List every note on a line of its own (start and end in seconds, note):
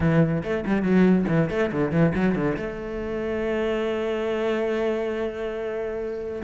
0.00 0.42 E3
0.43 0.64 A3
0.65 0.82 G3
0.82 1.25 F#3
1.28 1.49 E3
1.49 1.71 A3
1.71 1.91 D3
1.91 2.13 E3
2.14 2.35 F#3
2.35 2.56 D3
2.56 6.42 A3